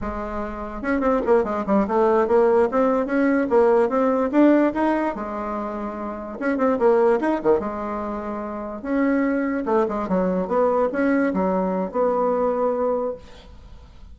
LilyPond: \new Staff \with { instrumentName = "bassoon" } { \time 4/4 \tempo 4 = 146 gis2 cis'8 c'8 ais8 gis8 | g8 a4 ais4 c'4 cis'8~ | cis'8 ais4 c'4 d'4 dis'8~ | dis'8 gis2. cis'8 |
c'8 ais4 dis'8 dis8 gis4.~ | gis4. cis'2 a8 | gis8 fis4 b4 cis'4 fis8~ | fis4 b2. | }